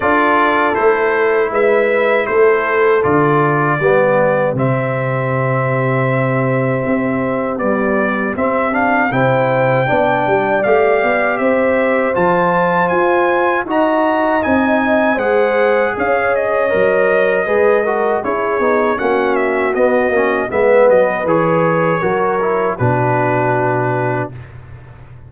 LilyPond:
<<
  \new Staff \with { instrumentName = "trumpet" } { \time 4/4 \tempo 4 = 79 d''4 c''4 e''4 c''4 | d''2 e''2~ | e''2 d''4 e''8 f''8 | g''2 f''4 e''4 |
a''4 gis''4 ais''4 gis''4 | fis''4 f''8 dis''2~ dis''8 | cis''4 fis''8 e''8 dis''4 e''8 dis''8 | cis''2 b'2 | }
  \new Staff \with { instrumentName = "horn" } { \time 4/4 a'2 b'4 a'4~ | a'4 g'2.~ | g'1 | c''4 d''2 c''4~ |
c''2 dis''2 | c''4 cis''2 b'8 ais'8 | gis'4 fis'2 b'4~ | b'4 ais'4 fis'2 | }
  \new Staff \with { instrumentName = "trombone" } { \time 4/4 f'4 e'2. | f'4 b4 c'2~ | c'2 g4 c'8 d'8 | e'4 d'4 g'2 |
f'2 fis'4 dis'4 | gis'2 ais'4 gis'8 fis'8 | e'8 dis'8 cis'4 b8 cis'8 b4 | gis'4 fis'8 e'8 d'2 | }
  \new Staff \with { instrumentName = "tuba" } { \time 4/4 d'4 a4 gis4 a4 | d4 g4 c2~ | c4 c'4 b4 c'4 | c4 b8 g8 a8 b8 c'4 |
f4 f'4 dis'4 c'4 | gis4 cis'4 fis4 gis4 | cis'8 b8 ais4 b8 ais8 gis8 fis8 | e4 fis4 b,2 | }
>>